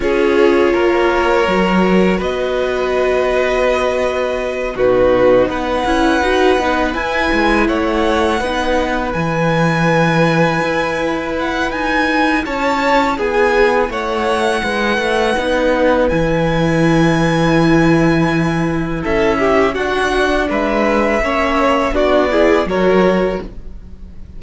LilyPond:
<<
  \new Staff \with { instrumentName = "violin" } { \time 4/4 \tempo 4 = 82 cis''2. dis''4~ | dis''2~ dis''8 b'4 fis''8~ | fis''4. gis''4 fis''4.~ | fis''8 gis''2. fis''8 |
gis''4 a''4 gis''4 fis''4~ | fis''2 gis''2~ | gis''2 e''4 fis''4 | e''2 d''4 cis''4 | }
  \new Staff \with { instrumentName = "violin" } { \time 4/4 gis'4 ais'2 b'4~ | b'2~ b'8 fis'4 b'8~ | b'2~ b'8 cis''4 b'8~ | b'1~ |
b'4 cis''4 gis'4 cis''4 | b'1~ | b'2 a'8 g'8 fis'4 | b'4 cis''4 fis'8 gis'8 ais'4 | }
  \new Staff \with { instrumentName = "viola" } { \time 4/4 f'2 fis'2~ | fis'2~ fis'8 dis'4. | e'8 fis'8 dis'8 e'2 dis'8~ | dis'8 e'2.~ e'8~ |
e'1~ | e'4 dis'4 e'2~ | e'2. d'4~ | d'4 cis'4 d'8 e'8 fis'4 | }
  \new Staff \with { instrumentName = "cello" } { \time 4/4 cis'4 ais4 fis4 b4~ | b2~ b8 b,4 b8 | cis'8 dis'8 b8 e'8 gis8 a4 b8~ | b8 e2 e'4. |
dis'4 cis'4 b4 a4 | gis8 a8 b4 e2~ | e2 cis'4 d'4 | gis4 ais4 b4 fis4 | }
>>